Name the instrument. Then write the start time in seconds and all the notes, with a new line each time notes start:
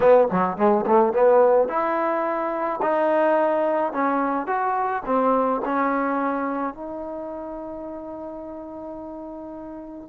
trombone
0.00 B3
0.31 F#3
0.57 G#3
0.86 A3
1.13 B3
1.68 E4
2.82 D#4
3.93 C#4
4.46 F#4
5.05 C4
5.64 C#4
6.74 D#4